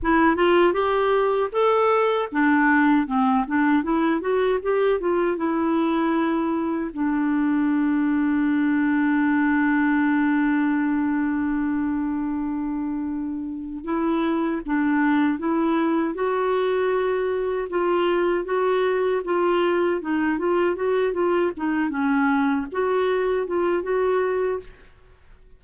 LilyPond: \new Staff \with { instrumentName = "clarinet" } { \time 4/4 \tempo 4 = 78 e'8 f'8 g'4 a'4 d'4 | c'8 d'8 e'8 fis'8 g'8 f'8 e'4~ | e'4 d'2.~ | d'1~ |
d'2 e'4 d'4 | e'4 fis'2 f'4 | fis'4 f'4 dis'8 f'8 fis'8 f'8 | dis'8 cis'4 fis'4 f'8 fis'4 | }